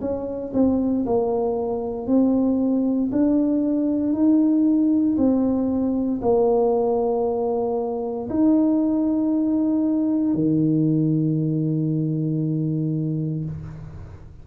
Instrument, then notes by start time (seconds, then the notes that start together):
tuba
0.00 C#4
0.53 C4
1.05 A#3
2.07 C4
3.11 D4
4.13 D#4
5.17 C4
6.21 A#3
8.29 D#4
10.34 D#3